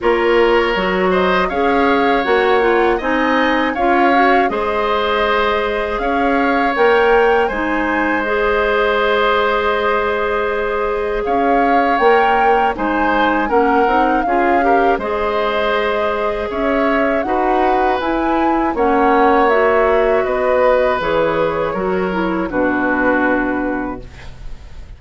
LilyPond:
<<
  \new Staff \with { instrumentName = "flute" } { \time 4/4 \tempo 4 = 80 cis''4. dis''8 f''4 fis''4 | gis''4 f''4 dis''2 | f''4 g''4 gis''4 dis''4~ | dis''2. f''4 |
g''4 gis''4 fis''4 f''4 | dis''2 e''4 fis''4 | gis''4 fis''4 e''4 dis''4 | cis''2 b'2 | }
  \new Staff \with { instrumentName = "oboe" } { \time 4/4 ais'4. c''8 cis''2 | dis''4 cis''4 c''2 | cis''2 c''2~ | c''2. cis''4~ |
cis''4 c''4 ais'4 gis'8 ais'8 | c''2 cis''4 b'4~ | b'4 cis''2 b'4~ | b'4 ais'4 fis'2 | }
  \new Staff \with { instrumentName = "clarinet" } { \time 4/4 f'4 fis'4 gis'4 fis'8 f'8 | dis'4 f'8 fis'8 gis'2~ | gis'4 ais'4 dis'4 gis'4~ | gis'1 |
ais'4 dis'4 cis'8 dis'8 f'8 g'8 | gis'2. fis'4 | e'4 cis'4 fis'2 | gis'4 fis'8 e'8 d'2 | }
  \new Staff \with { instrumentName = "bassoon" } { \time 4/4 ais4 fis4 cis'4 ais4 | c'4 cis'4 gis2 | cis'4 ais4 gis2~ | gis2. cis'4 |
ais4 gis4 ais8 c'8 cis'4 | gis2 cis'4 dis'4 | e'4 ais2 b4 | e4 fis4 b,2 | }
>>